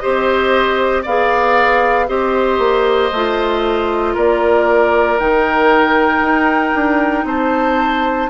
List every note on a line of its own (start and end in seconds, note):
0.00 1.06 C4
0.00 1.04 G4
0.00 1.02 C5
0.00 1.03 D#5
1.02 2.09 B3
1.02 2.08 G#4
1.02 2.06 D5
1.02 2.08 F5
2.08 2.58 C4
2.08 3.11 G4
2.08 4.14 C5
2.08 4.15 D#5
2.58 3.10 A#3
3.12 4.16 A3
3.12 5.19 F4
4.14 5.19 A#3
4.14 7.24 A#4
4.14 5.19 D5
5.19 6.21 D#3
5.19 8.29 D#4
5.19 7.26 G5
6.21 6.72 D#4
6.75 7.24 D4
7.24 8.28 C4
7.24 8.30 C5
7.24 8.30 A5